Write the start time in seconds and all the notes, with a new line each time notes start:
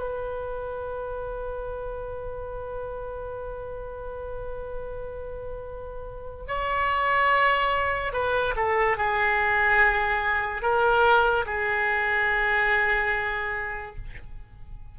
0.00 B4
6.48 C#5
8.13 B4
8.56 A4
8.97 G#4
10.62 A#4
11.46 G#4